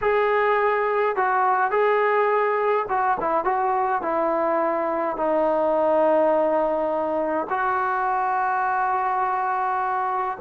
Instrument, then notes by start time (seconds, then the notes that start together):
trombone
0.01 G#4
1.16 F#4
1.70 G#4
2.88 F#4
3.20 E4
3.44 F#4
4.01 E4
5.16 D#4
7.49 F#4